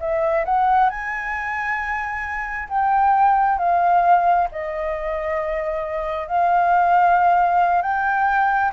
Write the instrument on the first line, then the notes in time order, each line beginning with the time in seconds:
flute
0.00 E5
0.45 F#5
0.89 G#5
2.69 G5
3.58 F5
4.51 D#5
6.28 F5
7.82 G5